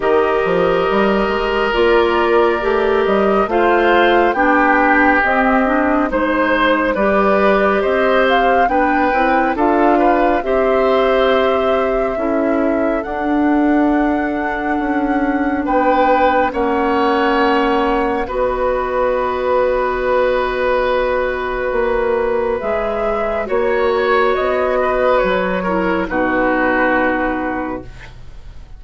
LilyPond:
<<
  \new Staff \with { instrumentName = "flute" } { \time 4/4 \tempo 4 = 69 dis''2 d''4. dis''8 | f''4 g''4 dis''4 c''4 | d''4 dis''8 f''8 g''4 f''4 | e''2. fis''4~ |
fis''2 g''4 fis''4~ | fis''4 dis''2.~ | dis''2 e''4 cis''4 | dis''4 cis''4 b'2 | }
  \new Staff \with { instrumentName = "oboe" } { \time 4/4 ais'1 | c''4 g'2 c''4 | b'4 c''4 b'4 a'8 b'8 | c''2 a'2~ |
a'2 b'4 cis''4~ | cis''4 b'2.~ | b'2. cis''4~ | cis''8 b'4 ais'8 fis'2 | }
  \new Staff \with { instrumentName = "clarinet" } { \time 4/4 g'2 f'4 g'4 | f'4 d'4 c'8 d'8 dis'4 | g'2 d'8 e'8 f'4 | g'2 e'4 d'4~ |
d'2. cis'4~ | cis'4 fis'2.~ | fis'2 gis'4 fis'4~ | fis'4. e'8 dis'2 | }
  \new Staff \with { instrumentName = "bassoon" } { \time 4/4 dis8 f8 g8 gis8 ais4 a8 g8 | a4 b4 c'4 gis4 | g4 c'4 b8 c'8 d'4 | c'2 cis'4 d'4~ |
d'4 cis'4 b4 ais4~ | ais4 b2.~ | b4 ais4 gis4 ais4 | b4 fis4 b,2 | }
>>